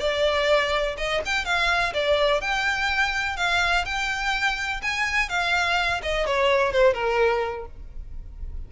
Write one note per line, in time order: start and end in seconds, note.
0.00 0.96 D5
0.98 1.22 D#5
1.25 1.45 G5
1.45 1.93 F5
1.94 2.41 D5
2.41 3.37 G5
3.37 3.85 F5
3.86 4.82 G5
4.82 5.30 G#5
5.30 6.02 F5
6.03 6.27 D#5
6.27 6.73 C#5
6.73 6.94 C5
6.94 7.66 A#4